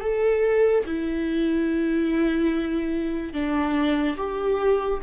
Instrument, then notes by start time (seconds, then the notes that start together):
viola
0.00 A4
0.86 E4
3.33 D4
4.17 G4